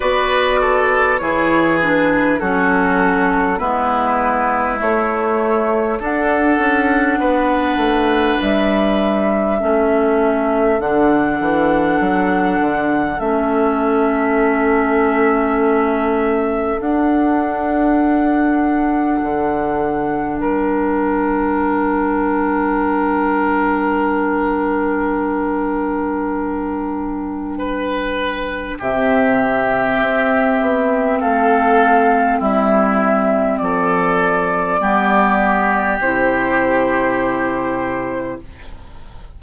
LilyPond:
<<
  \new Staff \with { instrumentName = "flute" } { \time 4/4 \tempo 4 = 50 d''4 cis''8 b'8 a'4 b'4 | cis''4 fis''2 e''4~ | e''4 fis''2 e''4~ | e''2 fis''2~ |
fis''4 g''2.~ | g''1 | e''2 f''4 e''4 | d''2 c''2 | }
  \new Staff \with { instrumentName = "oboe" } { \time 4/4 b'8 a'8 gis'4 fis'4 e'4~ | e'4 a'4 b'2 | a'1~ | a'1~ |
a'4 ais'2.~ | ais'2. b'4 | g'2 a'4 e'4 | a'4 g'2. | }
  \new Staff \with { instrumentName = "clarinet" } { \time 4/4 fis'4 e'8 d'8 cis'4 b4 | a4 d'2. | cis'4 d'2 cis'4~ | cis'2 d'2~ |
d'1~ | d'1 | c'1~ | c'4 b4 e'2 | }
  \new Staff \with { instrumentName = "bassoon" } { \time 4/4 b4 e4 fis4 gis4 | a4 d'8 cis'8 b8 a8 g4 | a4 d8 e8 fis8 d8 a4~ | a2 d'2 |
d4 g2.~ | g1 | c4 c'8 b8 a4 g4 | f4 g4 c2 | }
>>